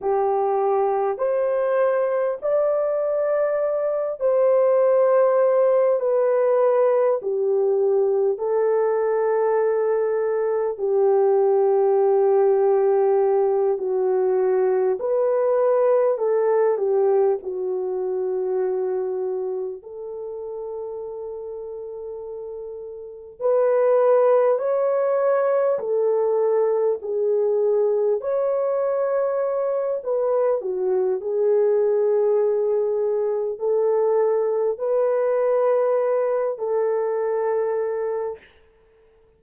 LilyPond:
\new Staff \with { instrumentName = "horn" } { \time 4/4 \tempo 4 = 50 g'4 c''4 d''4. c''8~ | c''4 b'4 g'4 a'4~ | a'4 g'2~ g'8 fis'8~ | fis'8 b'4 a'8 g'8 fis'4.~ |
fis'8 a'2. b'8~ | b'8 cis''4 a'4 gis'4 cis''8~ | cis''4 b'8 fis'8 gis'2 | a'4 b'4. a'4. | }